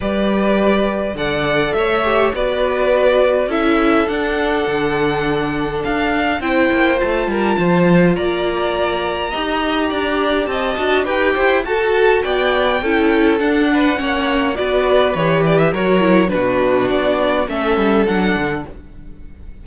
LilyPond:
<<
  \new Staff \with { instrumentName = "violin" } { \time 4/4 \tempo 4 = 103 d''2 fis''4 e''4 | d''2 e''4 fis''4~ | fis''2 f''4 g''4 | a''2 ais''2~ |
ais''2 a''4 g''4 | a''4 g''2 fis''4~ | fis''4 d''4 cis''8 d''16 e''16 cis''4 | b'4 d''4 e''4 fis''4 | }
  \new Staff \with { instrumentName = "violin" } { \time 4/4 b'2 d''4 cis''4 | b'2 a'2~ | a'2. c''4~ | c''8 ais'8 c''4 d''2 |
dis''4 d''4 dis''4 b'8 c''8 | a'4 d''4 a'4. b'8 | cis''4 b'2 ais'4 | fis'2 a'2 | }
  \new Staff \with { instrumentName = "viola" } { \time 4/4 g'2 a'4. g'8 | fis'2 e'4 d'4~ | d'2. e'4 | f'1 |
g'2~ g'8 fis'8 g'4 | fis'2 e'4 d'4 | cis'4 fis'4 g'4 fis'8 e'8 | d'2 cis'4 d'4 | }
  \new Staff \with { instrumentName = "cello" } { \time 4/4 g2 d4 a4 | b2 cis'4 d'4 | d2 d'4 c'8 ais8 | a8 g8 f4 ais2 |
dis'4 d'4 c'8 d'8 dis'8 e'8 | fis'4 b4 cis'4 d'4 | ais4 b4 e4 fis4 | b,4 b4 a8 g8 fis8 d8 | }
>>